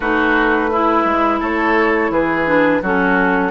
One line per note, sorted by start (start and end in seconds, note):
0.00 1.04 A3
0.00 0.72 D#4
0.00 0.70 F#4
0.00 1.40 B4
0.71 1.40 E4
0.71 2.46 E4
1.04 1.40 G#3
1.40 2.10 A3
1.40 2.10 A4
1.40 2.12 C#5
2.10 2.80 E3
2.10 2.82 G#4
2.10 2.82 B4
2.46 2.81 D4
2.82 3.51 F#3
2.82 3.51 C#4
2.82 3.51 F#4
2.82 3.51 A4